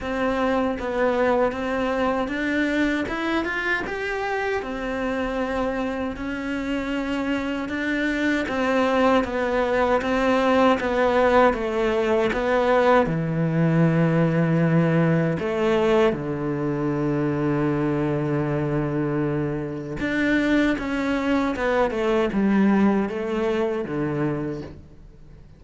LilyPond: \new Staff \with { instrumentName = "cello" } { \time 4/4 \tempo 4 = 78 c'4 b4 c'4 d'4 | e'8 f'8 g'4 c'2 | cis'2 d'4 c'4 | b4 c'4 b4 a4 |
b4 e2. | a4 d2.~ | d2 d'4 cis'4 | b8 a8 g4 a4 d4 | }